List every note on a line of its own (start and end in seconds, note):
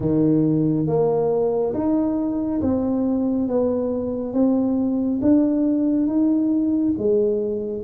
0.00 0.86 D#3
0.86 1.73 A#3
1.74 2.60 D#4
2.61 3.47 C4
3.47 4.33 B3
4.33 5.20 C4
5.21 6.06 D4
6.06 6.93 D#4
6.98 7.83 G#3